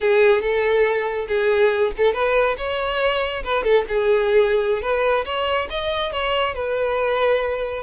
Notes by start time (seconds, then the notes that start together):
0.00 G#4
0.41 A4
1.28 G#4
1.97 A4
2.13 B4
2.57 C#5
3.43 B4
3.63 A4
3.88 G#4
4.82 B4
5.25 C#5
5.69 D#5
6.12 C#5
6.54 B4